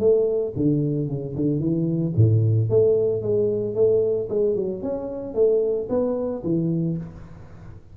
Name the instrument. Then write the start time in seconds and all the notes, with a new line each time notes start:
tuba
0.00 A3
0.56 D3
1.09 C#3
1.36 D3
1.60 E3
2.16 A2
2.70 A3
3.22 G#3
3.75 A3
4.30 G#3
4.56 F#3
4.83 C#4
5.35 A3
5.90 B3
6.44 E3